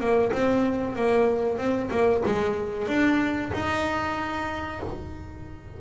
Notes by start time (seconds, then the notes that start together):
0.00 A#3
0.32 C4
0.96 A#3
1.58 C4
1.91 A#3
2.25 G#3
2.88 D4
3.53 D#4